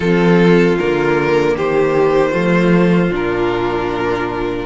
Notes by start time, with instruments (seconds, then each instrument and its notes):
0.00 cello F3, viola C4, violin F4 A4
0.79 cello D3, viola A#3, violin A#4
1.56 cello D#3, violin G4 C5
2.31 cello F3, viola A3, violin F4
3.10 cello A#2, viola D4, violin A#4